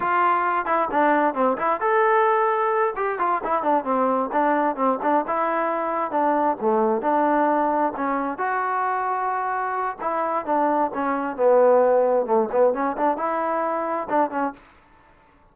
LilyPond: \new Staff \with { instrumentName = "trombone" } { \time 4/4 \tempo 4 = 132 f'4. e'8 d'4 c'8 e'8 | a'2~ a'8 g'8 f'8 e'8 | d'8 c'4 d'4 c'8 d'8 e'8~ | e'4. d'4 a4 d'8~ |
d'4. cis'4 fis'4.~ | fis'2 e'4 d'4 | cis'4 b2 a8 b8 | cis'8 d'8 e'2 d'8 cis'8 | }